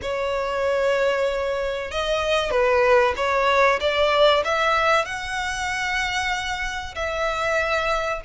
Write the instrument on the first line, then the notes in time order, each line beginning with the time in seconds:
violin
0.01 C#5
1.91 D#5
2.50 B4
3.16 C#5
3.80 D5
4.44 E5
5.05 F#5
6.95 E5